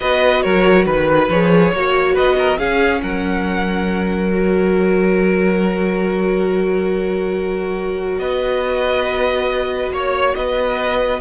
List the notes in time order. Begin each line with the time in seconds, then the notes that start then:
0.00 B3 F#4 B4 D#5
0.42 F#3 A#4 C#5
0.85 D#3 B4
1.29 F3 G#4 C#5
1.71 A#3 F#4 C#5
2.13 B3 B4 D#5
2.38 A#4
2.57 C#4 G#4 F5
3.02 F#3 A#4 F#5
4.32 F#4 C#5
8.18 B3 B4 D#5
9.91 A#3 C#5
10.34 B3 B4 D#5